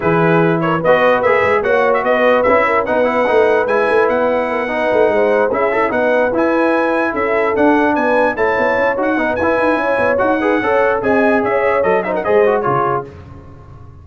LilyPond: <<
  \new Staff \with { instrumentName = "trumpet" } { \time 4/4 \tempo 4 = 147 b'4. cis''8 dis''4 e''4 | fis''8. e''16 dis''4 e''4 fis''4~ | fis''4 gis''4 fis''2~ | fis''4. e''4 fis''4 gis''8~ |
gis''4. e''4 fis''4 gis''8~ | gis''8 a''4. fis''4 gis''4~ | gis''4 fis''2 gis''4 | e''4 dis''8 e''16 fis''16 dis''4 cis''4 | }
  \new Staff \with { instrumentName = "horn" } { \time 4/4 gis'4. ais'8 b'2 | cis''4 b'4. ais'8 b'4~ | b'2. ais'8 b'8~ | b'8 c''4 gis'8 e'8 b'4.~ |
b'4. a'2 b'8~ | b'8 cis''2 b'4. | cis''4. b'8 cis''4 dis''4 | cis''4. c''16 ais'16 c''4 gis'4 | }
  \new Staff \with { instrumentName = "trombone" } { \time 4/4 e'2 fis'4 gis'4 | fis'2 e'4 dis'8 e'8 | dis'4 e'2~ e'8 dis'8~ | dis'4. e'8 a'8 dis'4 e'8~ |
e'2~ e'8 d'4.~ | d'8 e'4. fis'8 dis'8 e'4~ | e'4 fis'8 gis'8 a'4 gis'4~ | gis'4 a'8 dis'8 gis'8 fis'8 f'4 | }
  \new Staff \with { instrumentName = "tuba" } { \time 4/4 e2 b4 ais8 gis8 | ais4 b4 cis'4 b4 | a4 gis8 a8 b2 | a8 gis4 cis'4 b4 e'8~ |
e'4. cis'4 d'4 b8~ | b8 a8 b8 cis'8 dis'8 b8 e'8 dis'8 | cis'8 b8 dis'4 cis'4 c'4 | cis'4 fis4 gis4 cis4 | }
>>